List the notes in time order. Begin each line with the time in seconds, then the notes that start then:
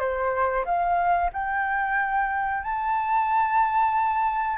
0.00 C5
0.65 F5
1.33 G5
2.64 A5